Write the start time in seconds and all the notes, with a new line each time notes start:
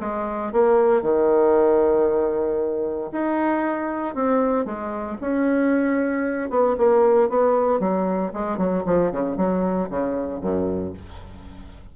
0.00 G#3
0.52 A#3
1.02 D#3
3.12 D#4
4.15 C4
4.65 G#3
5.21 C#4
6.50 B3
6.78 A#3
7.29 B3
7.80 F#3
8.33 G#3
8.58 F#3
8.86 F3
9.11 C#3
9.37 F#3
9.89 C#3
10.41 F#2